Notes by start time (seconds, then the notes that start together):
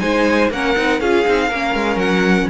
0.00 G#3 D#4 C5 G#5
0.51 A#3 C#4 A#4 F#5
0.77 C4 D#4
1.01 C#4 F4 G#4 F5
1.25 C4 D#4
1.48 A#3 C#4 A#4
1.75 G#3
1.96 F#3 F#5